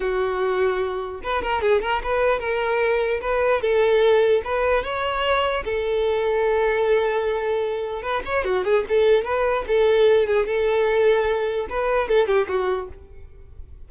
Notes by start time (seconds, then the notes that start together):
0.00 F#4
1.23 B4
1.42 A#4
1.61 G#4
1.81 A#4
2.03 B4
2.39 A#4
3.21 B4
3.61 A4
4.44 B4
4.83 C#5
5.64 A4
8.02 B4
8.25 C#5
8.44 F#4
8.64 G#4
8.88 A4
9.24 B4
9.67 A4
10.27 G#4
10.46 A4
11.69 B4
12.08 A4
12.27 G4
12.48 F#4